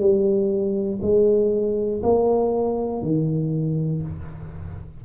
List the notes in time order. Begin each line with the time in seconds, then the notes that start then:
0.00 G3
1.02 G#3
2.03 A#3
3.02 D#3